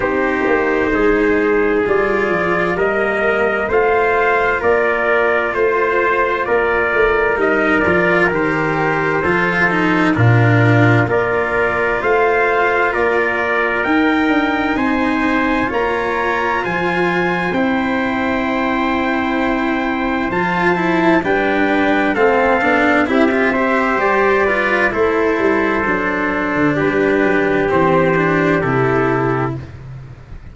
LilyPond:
<<
  \new Staff \with { instrumentName = "trumpet" } { \time 4/4 \tempo 4 = 65 c''2 d''4 dis''4 | f''4 d''4 c''4 d''4 | dis''8 d''8 c''2 ais'4 | d''4 f''4 d''4 g''4 |
gis''4 ais''4 gis''4 g''4~ | g''2 a''4 g''4 | f''4 e''4 d''4 c''4~ | c''4 b'4 c''4 a'4 | }
  \new Staff \with { instrumentName = "trumpet" } { \time 4/4 g'4 gis'2 ais'4 | c''4 ais'4 c''4 ais'4~ | ais'2 a'4 f'4 | ais'4 c''4 ais'2 |
c''4 cis''4 c''2~ | c''2. b'4 | a'4 g'8 c''4 b'8 a'4~ | a'4 g'2. | }
  \new Staff \with { instrumentName = "cello" } { \time 4/4 dis'2 f'4 ais4 | f'1 | dis'8 f'8 g'4 f'8 dis'8 d'4 | f'2. dis'4~ |
dis'4 f'2 e'4~ | e'2 f'8 e'8 d'4 | c'8 d'8 e'16 f'16 g'4 f'8 e'4 | d'2 c'8 d'8 e'4 | }
  \new Staff \with { instrumentName = "tuba" } { \time 4/4 c'8 ais8 gis4 g8 f8 g4 | a4 ais4 a4 ais8 a8 | g8 f8 dis4 f4 ais,4 | ais4 a4 ais4 dis'8 d'8 |
c'4 ais4 f4 c'4~ | c'2 f4 g4 | a8 b8 c'4 g4 a8 g8 | fis8. d16 g8 fis8 e4 c4 | }
>>